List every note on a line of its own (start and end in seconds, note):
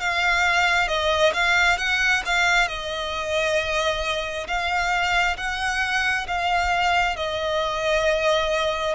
0.00 0.88 F5
0.88 1.33 D#5
1.34 1.78 F5
1.78 2.23 F#5
2.26 2.68 F5
2.68 4.47 D#5
4.48 5.37 F5
5.38 6.27 F#5
6.28 7.16 F5
7.16 8.95 D#5